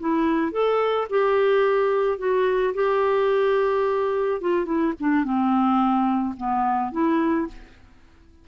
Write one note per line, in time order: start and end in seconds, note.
0.00 0.52 E4
0.52 1.07 A4
1.10 2.18 G4
2.18 2.74 F#4
2.74 4.41 G4
4.41 4.65 F4
4.65 4.93 E4
5.00 5.24 D4
5.24 6.35 C4
6.37 6.92 B3
6.92 7.47 E4